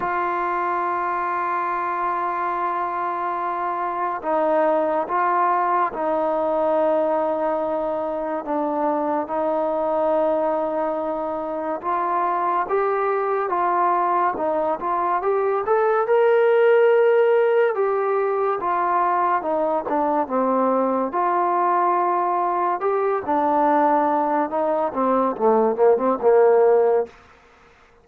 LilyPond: \new Staff \with { instrumentName = "trombone" } { \time 4/4 \tempo 4 = 71 f'1~ | f'4 dis'4 f'4 dis'4~ | dis'2 d'4 dis'4~ | dis'2 f'4 g'4 |
f'4 dis'8 f'8 g'8 a'8 ais'4~ | ais'4 g'4 f'4 dis'8 d'8 | c'4 f'2 g'8 d'8~ | d'4 dis'8 c'8 a8 ais16 c'16 ais4 | }